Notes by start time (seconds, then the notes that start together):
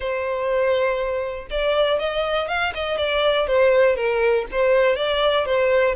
0.00 C5
1.50 D5
1.99 D#5
2.48 F5
2.74 D#5
2.97 D5
3.47 C5
3.96 A#4
4.51 C5
4.95 D5
5.45 C5